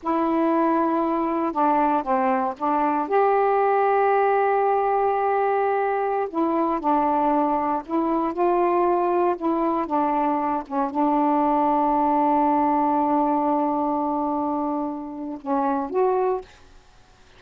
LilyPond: \new Staff \with { instrumentName = "saxophone" } { \time 4/4 \tempo 4 = 117 e'2. d'4 | c'4 d'4 g'2~ | g'1~ | g'16 e'4 d'2 e'8.~ |
e'16 f'2 e'4 d'8.~ | d'8. cis'8 d'2~ d'8.~ | d'1~ | d'2 cis'4 fis'4 | }